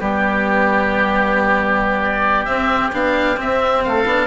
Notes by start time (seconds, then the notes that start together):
0.00 G3 B3 G4
2.04 D5
2.45 C4 E5
2.93 B3 D4 F5
3.37 C4 E5
3.84 A3 A4 F5
4.06 B3 D4